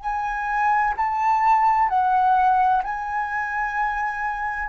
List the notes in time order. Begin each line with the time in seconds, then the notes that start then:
0.00 G#5
0.97 A5
1.89 F#5
2.83 G#5